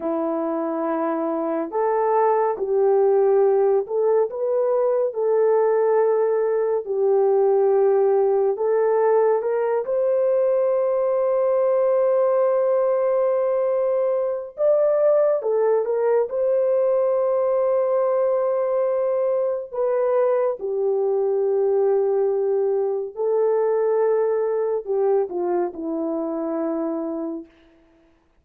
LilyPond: \new Staff \with { instrumentName = "horn" } { \time 4/4 \tempo 4 = 70 e'2 a'4 g'4~ | g'8 a'8 b'4 a'2 | g'2 a'4 ais'8 c''8~ | c''1~ |
c''4 d''4 a'8 ais'8 c''4~ | c''2. b'4 | g'2. a'4~ | a'4 g'8 f'8 e'2 | }